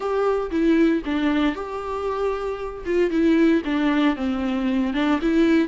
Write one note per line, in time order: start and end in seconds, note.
0.00 0.50 G4
0.50 1.02 E4
1.05 1.55 D4
1.55 2.84 G4
2.85 3.10 F4
3.10 3.62 E4
3.64 4.16 D4
4.16 4.93 C4
4.93 5.19 D4
5.21 5.68 E4